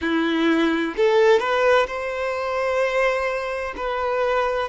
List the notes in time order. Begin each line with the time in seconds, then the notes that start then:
0.01 E4
0.96 A4
1.39 B4
1.87 C5
3.76 B4